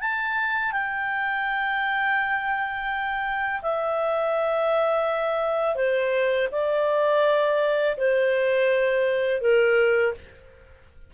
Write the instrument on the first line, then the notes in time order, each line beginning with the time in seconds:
clarinet
0.00 A5
0.72 G5
3.61 E5
5.75 C5
6.51 D5
7.97 C5
9.41 A#4